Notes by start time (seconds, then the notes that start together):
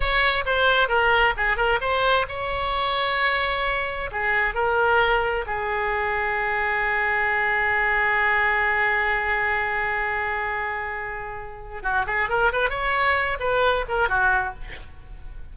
0.00 C#5
0.45 C5
0.88 A#4
1.36 G#4
1.56 A#4
1.80 C5
2.28 C#5
4.11 G#4
4.54 A#4
5.46 G#4
11.82 F#4
12.06 G#4
12.29 A#4
12.52 B4
12.69 C#5
13.39 B4
13.88 A#4
14.08 F#4